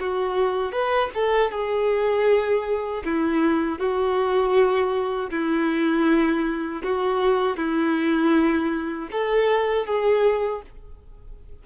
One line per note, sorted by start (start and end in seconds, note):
0.00 0.72 F#4
0.72 1.10 B4
1.14 1.52 A4
1.52 3.03 G#4
3.05 3.79 E4
3.79 5.31 F#4
5.31 6.83 E4
6.84 7.57 F#4
7.57 9.09 E4
9.12 9.86 A4
9.86 10.62 G#4